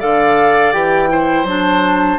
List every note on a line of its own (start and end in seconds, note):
0.00 0.73 D3
0.00 0.74 A4
0.00 1.10 D5
0.00 0.73 F5
0.73 1.44 E3
0.73 1.09 G4
0.73 1.46 G5
1.09 1.46 E4
1.09 2.19 C5
1.44 2.17 F#3
1.44 2.19 D4
1.44 2.19 A5